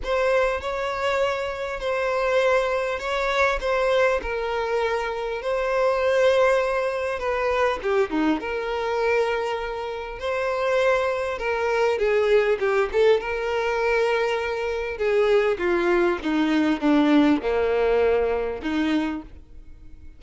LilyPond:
\new Staff \with { instrumentName = "violin" } { \time 4/4 \tempo 4 = 100 c''4 cis''2 c''4~ | c''4 cis''4 c''4 ais'4~ | ais'4 c''2. | b'4 g'8 dis'8 ais'2~ |
ais'4 c''2 ais'4 | gis'4 g'8 a'8 ais'2~ | ais'4 gis'4 f'4 dis'4 | d'4 ais2 dis'4 | }